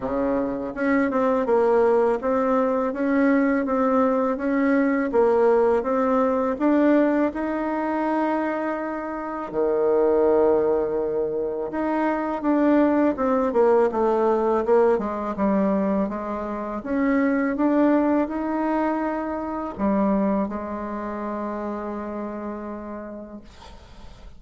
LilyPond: \new Staff \with { instrumentName = "bassoon" } { \time 4/4 \tempo 4 = 82 cis4 cis'8 c'8 ais4 c'4 | cis'4 c'4 cis'4 ais4 | c'4 d'4 dis'2~ | dis'4 dis2. |
dis'4 d'4 c'8 ais8 a4 | ais8 gis8 g4 gis4 cis'4 | d'4 dis'2 g4 | gis1 | }